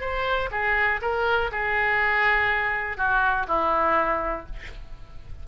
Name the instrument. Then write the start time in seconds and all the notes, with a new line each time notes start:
oboe
0.00 C5
0.51 G#4
1.01 A#4
1.51 G#4
2.97 F#4
3.47 E4